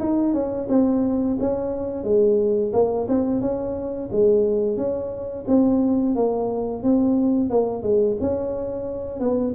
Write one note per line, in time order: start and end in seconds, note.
0.00 0.34 D#4
0.34 0.68 C#4
0.69 1.38 C4
1.40 2.04 C#4
2.04 2.72 G#3
2.73 3.07 A#3
3.09 3.42 C4
3.42 4.10 C#4
4.12 4.77 G#3
4.77 5.45 C#4
5.48 6.15 C4
6.15 6.83 A#3
6.83 7.50 C4
7.50 7.83 A#3
7.83 8.17 G#3
8.21 9.20 C#4
9.20 9.54 B3